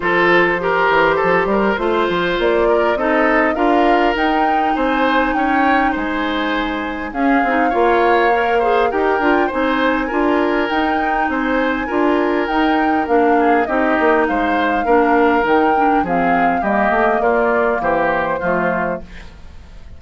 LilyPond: <<
  \new Staff \with { instrumentName = "flute" } { \time 4/4 \tempo 4 = 101 c''1 | d''4 dis''4 f''4 g''4 | gis''4 g''4 gis''2 | f''2. g''4 |
gis''2 g''4 gis''4~ | gis''4 g''4 f''4 dis''4 | f''2 g''4 f''4 | dis''4 d''4 c''2 | }
  \new Staff \with { instrumentName = "oboe" } { \time 4/4 a'4 ais'4 a'8 ais'8 c''4~ | c''8 ais'8 a'4 ais'2 | c''4 cis''4 c''2 | gis'4 cis''4. c''8 ais'4 |
c''4 ais'2 c''4 | ais'2~ ais'8 gis'8 g'4 | c''4 ais'2 gis'4 | g'4 f'4 g'4 f'4 | }
  \new Staff \with { instrumentName = "clarinet" } { \time 4/4 f'4 g'2 f'4~ | f'4 dis'4 f'4 dis'4~ | dis'1 | cis'8 dis'8 f'4 ais'8 gis'8 g'8 f'8 |
dis'4 f'4 dis'2 | f'4 dis'4 d'4 dis'4~ | dis'4 d'4 dis'8 d'8 c'4 | ais2. a4 | }
  \new Staff \with { instrumentName = "bassoon" } { \time 4/4 f4. e8 f8 g8 a8 f8 | ais4 c'4 d'4 dis'4 | c'4 cis'4 gis2 | cis'8 c'8 ais2 dis'8 d'8 |
c'4 d'4 dis'4 c'4 | d'4 dis'4 ais4 c'8 ais8 | gis4 ais4 dis4 f4 | g8 a8 ais4 e4 f4 | }
>>